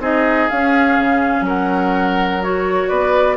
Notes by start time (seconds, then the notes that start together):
0.00 C4 D#4 G#4 D#5
0.49 C#4 F5
0.98 C#3
1.41 F#3 A#4
1.48 F#5
2.43 F#4 C#5
2.89 B3 B4 D5